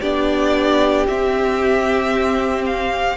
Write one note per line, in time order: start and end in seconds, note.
0.00 1.07 B3
0.00 1.07 D4
0.00 3.16 G4
0.00 1.06 D5
1.07 3.16 C4
1.07 2.64 E5
2.66 3.16 F5